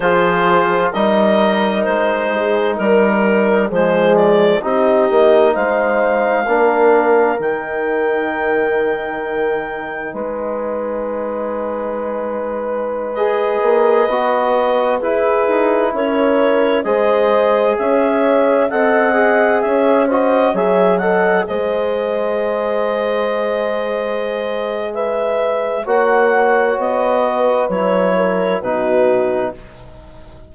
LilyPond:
<<
  \new Staff \with { instrumentName = "clarinet" } { \time 4/4 \tempo 4 = 65 c''4 dis''4 c''4 ais'4 | c''8 d''8 dis''4 f''2 | g''2. gis''4~ | gis''2~ gis''16 dis''4.~ dis''16~ |
dis''16 b'4 cis''4 dis''4 e''8.~ | e''16 fis''4 e''8 dis''8 e''8 fis''8 dis''8.~ | dis''2. e''4 | fis''4 dis''4 cis''4 b'4 | }
  \new Staff \with { instrumentName = "horn" } { \time 4/4 gis'4 ais'4. gis'8 ais'4 | gis'4 g'4 c''4 ais'4~ | ais'2. b'4~ | b'1~ |
b'16 gis'4 ais'4 c''4 cis''8.~ | cis''16 dis''4 cis''8 c''8 cis''8 dis''8 c''8.~ | c''2. b'4 | cis''4. b'4 ais'8 fis'4 | }
  \new Staff \with { instrumentName = "trombone" } { \time 4/4 f'4 dis'2. | gis4 dis'2 d'4 | dis'1~ | dis'2~ dis'16 gis'4 fis'8.~ |
fis'16 e'2 gis'4.~ gis'16~ | gis'16 a'8 gis'4 fis'8 gis'8 a'8 gis'8.~ | gis'1 | fis'2 e'4 dis'4 | }
  \new Staff \with { instrumentName = "bassoon" } { \time 4/4 f4 g4 gis4 g4 | f4 c'8 ais8 gis4 ais4 | dis2. gis4~ | gis2~ gis8. ais8 b8.~ |
b16 e'8 dis'8 cis'4 gis4 cis'8.~ | cis'16 c'4 cis'4 fis4 gis8.~ | gis1 | ais4 b4 fis4 b,4 | }
>>